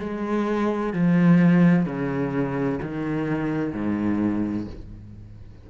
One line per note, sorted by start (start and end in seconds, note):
0.00 0.94 G#3
0.94 1.86 F3
1.86 2.80 C#3
2.82 3.73 D#3
3.73 4.67 G#2